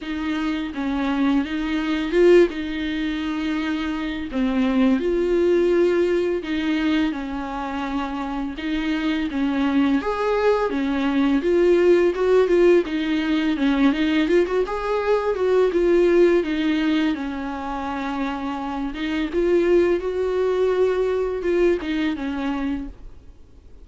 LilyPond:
\new Staff \with { instrumentName = "viola" } { \time 4/4 \tempo 4 = 84 dis'4 cis'4 dis'4 f'8 dis'8~ | dis'2 c'4 f'4~ | f'4 dis'4 cis'2 | dis'4 cis'4 gis'4 cis'4 |
f'4 fis'8 f'8 dis'4 cis'8 dis'8 | f'16 fis'16 gis'4 fis'8 f'4 dis'4 | cis'2~ cis'8 dis'8 f'4 | fis'2 f'8 dis'8 cis'4 | }